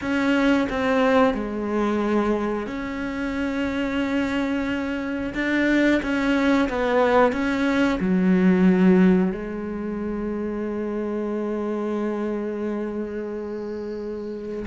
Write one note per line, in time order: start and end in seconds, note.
0.01 0.68 C#4
0.69 1.33 C4
1.33 2.66 G#3
2.66 5.33 C#4
5.34 6.01 D4
6.02 6.68 C#4
6.69 7.32 B3
7.32 7.98 C#4
7.99 9.32 F#3
9.32 14.65 G#3